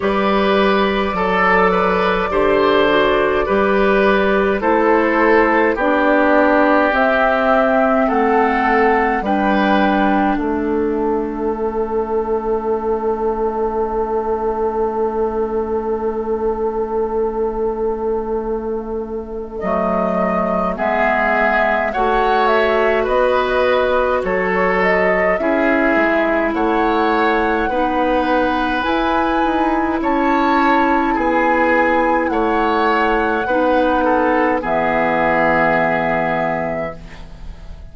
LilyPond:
<<
  \new Staff \with { instrumentName = "flute" } { \time 4/4 \tempo 4 = 52 d''1 | c''4 d''4 e''4 fis''4 | g''4 e''2.~ | e''1~ |
e''4 dis''4 e''4 fis''8 e''8 | dis''4 cis''8 dis''8 e''4 fis''4~ | fis''4 gis''4 a''4 gis''4 | fis''2 e''2 | }
  \new Staff \with { instrumentName = "oboe" } { \time 4/4 b'4 a'8 b'8 c''4 b'4 | a'4 g'2 a'4 | b'4 a'2.~ | a'1~ |
a'2 gis'4 cis''4 | b'4 a'4 gis'4 cis''4 | b'2 cis''4 gis'4 | cis''4 b'8 a'8 gis'2 | }
  \new Staff \with { instrumentName = "clarinet" } { \time 4/4 g'4 a'4 g'8 fis'8 g'4 | e'4 d'4 c'2 | d'2 cis'2~ | cis'1~ |
cis'4 a4 b4 fis'4~ | fis'2 e'2 | dis'4 e'2.~ | e'4 dis'4 b2 | }
  \new Staff \with { instrumentName = "bassoon" } { \time 4/4 g4 fis4 d4 g4 | a4 b4 c'4 a4 | g4 a2.~ | a1~ |
a4 fis4 gis4 a4 | b4 fis4 cis'8 gis8 a4 | b4 e'8 dis'8 cis'4 b4 | a4 b4 e2 | }
>>